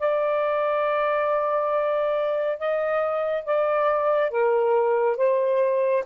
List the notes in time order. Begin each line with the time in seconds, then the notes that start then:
0.00 D5
2.59 D#5
3.45 D5
4.31 A#4
5.17 C5